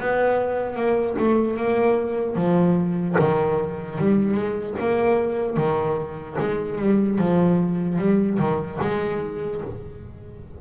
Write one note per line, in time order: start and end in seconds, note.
0.00 0.76 B3
0.76 1.16 A#3
1.19 1.57 A3
1.57 2.36 A#3
2.36 3.16 F3
3.19 3.99 D#3
3.99 4.35 G3
4.35 4.75 G#3
4.80 5.57 A#3
5.57 6.37 D#3
6.40 6.79 G#3
6.79 7.19 G3
7.19 7.99 F3
7.99 8.39 G3
8.39 8.79 D#3
8.82 9.62 G#3